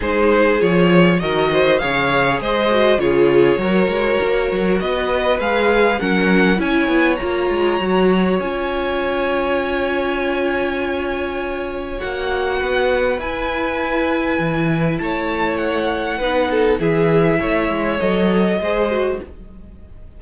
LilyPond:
<<
  \new Staff \with { instrumentName = "violin" } { \time 4/4 \tempo 4 = 100 c''4 cis''4 dis''4 f''4 | dis''4 cis''2. | dis''4 f''4 fis''4 gis''4 | ais''2 gis''2~ |
gis''1 | fis''2 gis''2~ | gis''4 a''4 fis''2 | e''2 dis''2 | }
  \new Staff \with { instrumentName = "violin" } { \time 4/4 gis'2 ais'8 c''8 cis''4 | c''4 gis'4 ais'2 | b'2 ais'4 cis''4~ | cis''1~ |
cis''1~ | cis''4 b'2.~ | b'4 cis''2 b'8 a'8 | gis'4 cis''2 c''4 | }
  \new Staff \with { instrumentName = "viola" } { \time 4/4 dis'4 f'4 fis'4 gis'4~ | gis'8 fis'8 f'4 fis'2~ | fis'4 gis'4 cis'4 e'4 | f'4 fis'4 f'2~ |
f'1 | fis'2 e'2~ | e'2. dis'4 | e'2 a'4 gis'8 fis'8 | }
  \new Staff \with { instrumentName = "cello" } { \time 4/4 gis4 f4 dis4 cis4 | gis4 cis4 fis8 gis8 ais8 fis8 | b4 gis4 fis4 cis'8 b8 | ais8 gis8 fis4 cis'2~ |
cis'1 | ais4 b4 e'2 | e4 a2 b4 | e4 a8 gis8 fis4 gis4 | }
>>